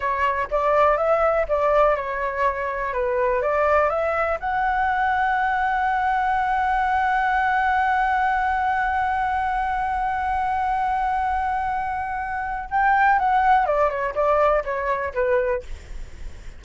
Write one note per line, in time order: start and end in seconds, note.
0.00 0.48 C#5
0.50 0.97 D5
0.97 1.46 E5
1.48 1.96 D5
1.96 2.93 C#5
2.93 3.41 B4
3.42 3.89 D5
3.89 4.38 E5
4.40 12.69 F#5
12.70 13.18 G5
13.18 13.66 F#5
13.66 13.89 D5
13.89 14.14 C#5
14.14 14.63 D5
14.64 15.13 C#5
15.14 15.62 B4